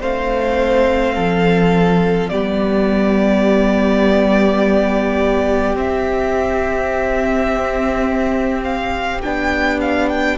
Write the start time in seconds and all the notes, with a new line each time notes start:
0.00 A3 C4 C5 F5
1.15 F3 A4
2.29 G3 B3 G4 D5
5.75 C4 E5
8.63 F5
9.22 B3 D4 G5
9.81 F5
10.09 G5